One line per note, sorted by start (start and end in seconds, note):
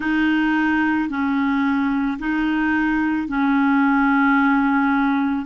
0.00 1.09 D#4
1.09 2.18 C#4
2.19 3.27 D#4
3.27 5.45 C#4